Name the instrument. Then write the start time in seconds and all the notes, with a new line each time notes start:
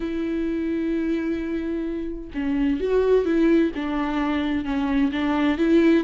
viola
0.00 E4
2.34 C#4
2.80 F#4
3.25 E4
3.75 D4
4.64 C#4
5.12 D4
5.58 E4